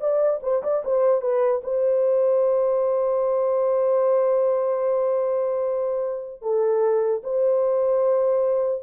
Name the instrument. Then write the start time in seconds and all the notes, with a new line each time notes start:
horn
0.00 D5
0.43 C5
0.63 D5
0.84 C5
1.21 B4
1.64 C5
6.42 A4
7.23 C5